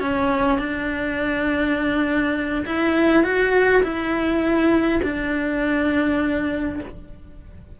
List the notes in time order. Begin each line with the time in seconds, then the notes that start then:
0.00 C#4
0.58 D4
2.66 E4
3.23 F#4
3.83 E4
5.03 D4